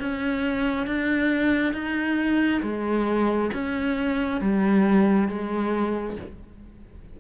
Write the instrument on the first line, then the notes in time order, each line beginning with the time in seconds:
cello
0.00 C#4
0.87 D4
1.74 D#4
2.63 G#3
3.54 C#4
4.41 G3
5.29 G#3